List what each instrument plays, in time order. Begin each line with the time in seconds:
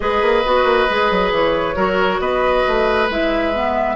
0.00 bassoon G#3, clarinet G#4, oboe B4, flute D#5
0.21 bassoon A#3
0.44 bassoon B3, clarinet F#4
0.64 bassoon A#3
0.89 bassoon G#3, clarinet G#4
1.11 bassoon F#3
1.31 bassoon E3, flute C#5
1.75 bassoon F#3, clarinet F#4, oboe A#4
2.19 bassoon B3, oboe B4, flute D#5
2.67 bassoon A3
3.09 bassoon G#3, clarinet E4, flute E5
3.53 clarinet B3